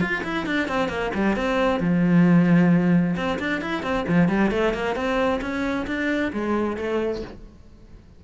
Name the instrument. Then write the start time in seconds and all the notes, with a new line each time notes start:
cello
0.00 F4
0.23 E4
0.46 D4
0.68 C4
0.89 A#3
1.14 G3
1.36 C4
1.80 F3
3.16 C4
3.39 D4
3.61 E4
3.83 C4
4.08 F3
4.28 G3
4.51 A3
4.73 A#3
4.95 C4
5.41 C#4
5.87 D4
6.32 G#3
6.77 A3